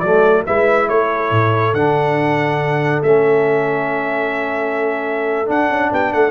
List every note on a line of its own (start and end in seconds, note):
0.00 0.45 F#3
0.00 0.47 A3
0.00 0.45 A4
0.00 0.43 D5
0.46 0.89 G#3
0.46 1.75 E4
0.46 0.89 B4
0.46 0.89 E5
0.89 1.31 A3
0.89 5.90 A4
0.89 1.74 C#5
1.31 1.73 A2
1.73 3.02 D3
1.73 3.04 D4
1.73 3.03 F#5
3.03 5.50 A3
3.03 5.46 C#4
3.03 5.49 E5
5.46 6.31 D4
5.46 5.70 D4
5.46 5.93 F#5
5.70 5.91 C#4
5.90 6.13 B3
5.90 6.12 G4
5.90 6.13 G5
6.13 6.31 A3
6.13 6.31 A4
6.13 6.31 F#5